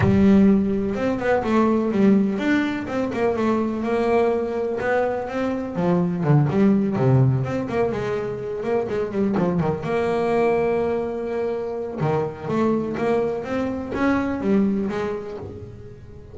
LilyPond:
\new Staff \with { instrumentName = "double bass" } { \time 4/4 \tempo 4 = 125 g2 c'8 b8 a4 | g4 d'4 c'8 ais8 a4 | ais2 b4 c'4 | f4 d8 g4 c4 c'8 |
ais8 gis4. ais8 gis8 g8 f8 | dis8 ais2.~ ais8~ | ais4 dis4 a4 ais4 | c'4 cis'4 g4 gis4 | }